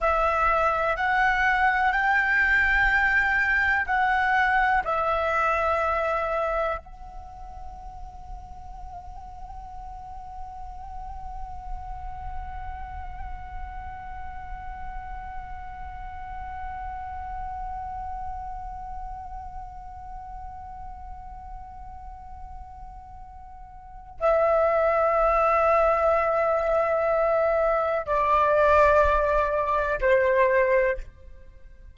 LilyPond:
\new Staff \with { instrumentName = "flute" } { \time 4/4 \tempo 4 = 62 e''4 fis''4 g''2 | fis''4 e''2 fis''4~ | fis''1~ | fis''1~ |
fis''1~ | fis''1~ | fis''4 e''2.~ | e''4 d''2 c''4 | }